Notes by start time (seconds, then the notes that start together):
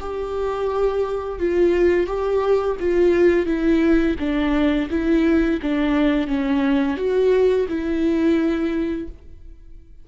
0.00 G4
1.40 F4
2.07 G4
2.80 F4
3.46 E4
4.19 D4
4.90 E4
5.62 D4
6.27 C#4
6.97 F#4
7.69 E4